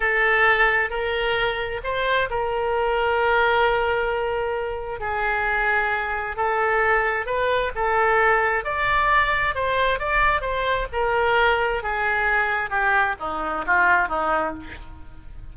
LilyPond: \new Staff \with { instrumentName = "oboe" } { \time 4/4 \tempo 4 = 132 a'2 ais'2 | c''4 ais'2.~ | ais'2. gis'4~ | gis'2 a'2 |
b'4 a'2 d''4~ | d''4 c''4 d''4 c''4 | ais'2 gis'2 | g'4 dis'4 f'4 dis'4 | }